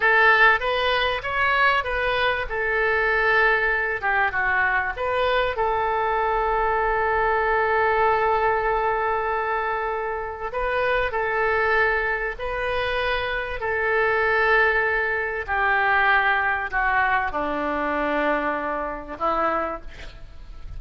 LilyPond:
\new Staff \with { instrumentName = "oboe" } { \time 4/4 \tempo 4 = 97 a'4 b'4 cis''4 b'4 | a'2~ a'8 g'8 fis'4 | b'4 a'2.~ | a'1~ |
a'4 b'4 a'2 | b'2 a'2~ | a'4 g'2 fis'4 | d'2. e'4 | }